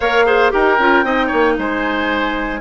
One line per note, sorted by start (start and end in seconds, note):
0.00 0.53 A#3
0.00 0.26 A#4
0.00 0.25 C#5
0.00 0.51 F5
0.26 0.50 G#4
0.26 0.52 C5
0.50 0.78 D#4
0.50 0.76 G4
0.50 1.05 A#4
0.50 1.57 G5
0.78 1.03 C#4
0.78 1.04 F4
1.03 1.29 C4
1.03 2.61 D#4
1.03 1.26 D#5
1.26 1.58 A#3
1.26 1.52 C#5
1.58 2.61 G#3
1.58 2.61 C5
1.58 2.61 G#5